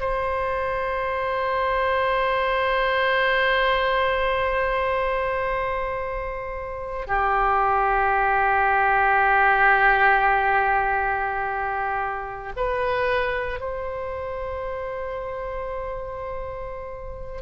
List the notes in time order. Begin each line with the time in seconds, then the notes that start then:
0.00 C5
7.07 G4
12.57 B4
13.60 C5